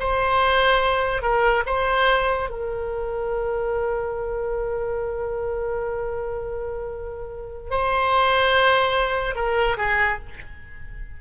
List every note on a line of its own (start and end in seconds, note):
0.00 1.22 C5
1.22 1.64 A#4
1.66 2.50 C5
2.50 7.70 A#4
7.70 9.36 C5
9.36 9.77 A#4
9.78 10.19 G#4